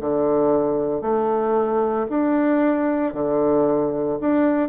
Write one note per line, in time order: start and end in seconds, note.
0.00 1.01 D3
1.01 2.06 A3
2.09 3.13 D4
3.13 4.18 D3
4.20 4.68 D4